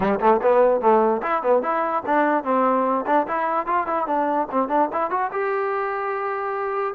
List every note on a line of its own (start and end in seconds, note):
0.00 0.19 G3
0.20 0.40 A3
0.42 0.80 B3
0.80 1.21 A3
1.22 1.42 E4
1.42 1.62 B3
1.62 2.03 E4
2.06 2.44 D4
2.44 3.05 C4
3.06 3.26 D4
3.27 3.66 E4
3.66 3.87 F4
3.87 4.06 E4
4.06 4.47 D4
4.51 4.68 C4
4.68 4.89 D4
4.92 5.10 E4
5.10 5.31 F#4
5.32 6.94 G4